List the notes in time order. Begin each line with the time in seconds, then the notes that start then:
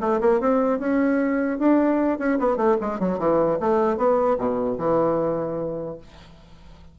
0.00 A3
0.20 A#3
0.40 C4
0.79 C#4
1.59 D4
2.19 C#4
2.39 B3
2.57 A3
2.80 G#3
2.99 F#3
3.19 E3
3.59 A3
3.97 B3
4.38 B2
4.78 E3